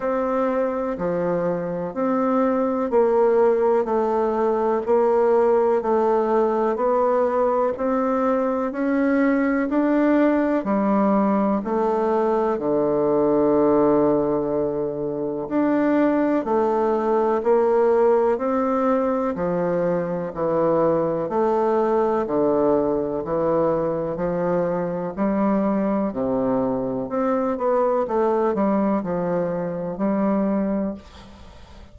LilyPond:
\new Staff \with { instrumentName = "bassoon" } { \time 4/4 \tempo 4 = 62 c'4 f4 c'4 ais4 | a4 ais4 a4 b4 | c'4 cis'4 d'4 g4 | a4 d2. |
d'4 a4 ais4 c'4 | f4 e4 a4 d4 | e4 f4 g4 c4 | c'8 b8 a8 g8 f4 g4 | }